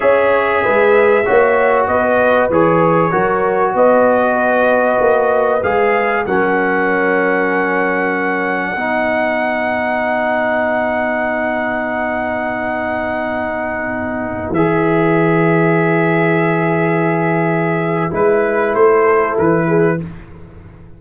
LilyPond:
<<
  \new Staff \with { instrumentName = "trumpet" } { \time 4/4 \tempo 4 = 96 e''2. dis''4 | cis''2 dis''2~ | dis''4 f''4 fis''2~ | fis''1~ |
fis''1~ | fis''2.~ fis''16 e''8.~ | e''1~ | e''4 b'4 c''4 b'4 | }
  \new Staff \with { instrumentName = "horn" } { \time 4/4 cis''4 b'4 cis''4 b'4~ | b'4 ais'4 b'2~ | b'2 ais'2~ | ais'2 b'2~ |
b'1~ | b'1~ | b'1~ | b'2~ b'8 a'4 gis'8 | }
  \new Staff \with { instrumentName = "trombone" } { \time 4/4 gis'2 fis'2 | gis'4 fis'2.~ | fis'4 gis'4 cis'2~ | cis'2 dis'2~ |
dis'1~ | dis'2.~ dis'16 gis'8.~ | gis'1~ | gis'4 e'2. | }
  \new Staff \with { instrumentName = "tuba" } { \time 4/4 cis'4 gis4 ais4 b4 | e4 fis4 b2 | ais4 gis4 fis2~ | fis2 b2~ |
b1~ | b2.~ b16 e8.~ | e1~ | e4 gis4 a4 e4 | }
>>